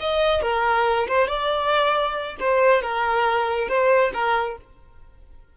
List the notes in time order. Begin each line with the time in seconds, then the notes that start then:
0.00 D#5
0.42 A#4
1.08 C5
1.28 D5
2.40 C5
2.82 A#4
3.68 C5
4.14 A#4